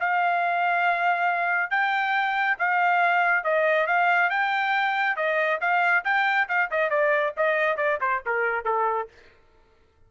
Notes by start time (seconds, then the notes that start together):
0.00 F5
1.71 G5
2.58 F5
3.44 D#5
3.87 F5
4.30 G5
5.16 D#5
5.61 F5
6.05 G5
6.49 F5
6.71 D#5
6.90 D5
7.37 D#5
7.77 D5
8.01 C5
8.26 A#4
8.65 A4